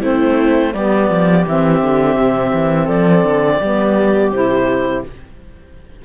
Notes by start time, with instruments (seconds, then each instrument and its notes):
0.00 cello A3, saxophone C4, viola E4, clarinet C5
0.73 cello G3, saxophone B3, viola G4, clarinet D5
1.10 cello F3
1.47 cello E3, saxophone C4, clarinet E5
1.82 cello D3
2.16 cello C3
2.53 cello E3
2.85 cello F3, viola A4, clarinet D5
3.24 cello D3
3.59 cello G3, saxophone B3, viola G4
4.32 cello C3, saxophone E4, clarinet C5